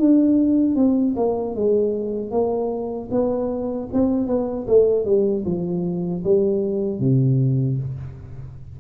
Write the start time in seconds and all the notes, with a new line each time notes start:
0.00 D4
0.76 C4
1.17 A#3
1.55 G#3
2.32 A#3
3.11 B3
3.94 C4
4.28 B3
4.68 A3
5.05 G3
5.45 F3
6.24 G3
7.00 C3